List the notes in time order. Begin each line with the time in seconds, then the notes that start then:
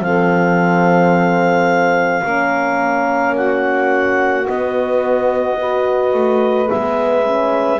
0.00 F3 C4 A4 F5
2.23 A#3 C#4 A#4
3.35 F#4 F#5
4.47 B3 D#5
5.60 F#4 B4
6.14 A3
6.68 G#3 B3 E5
7.24 C#4